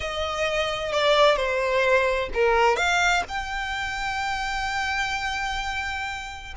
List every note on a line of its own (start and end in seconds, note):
0.00 0.92 D#5
0.92 1.36 D5
1.36 2.29 C5
2.34 2.76 A#4
2.76 3.22 F5
3.28 6.54 G5